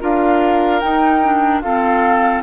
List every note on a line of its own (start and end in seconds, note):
0.00 0.82 D4
0.00 0.81 F4
0.00 1.62 A#4
0.00 0.79 F5
0.79 1.22 D#4
0.79 1.61 D#4
0.79 1.60 G5
1.22 1.63 D4
1.61 2.43 C4
1.61 2.42 F4
1.61 2.43 A4
1.61 2.42 F5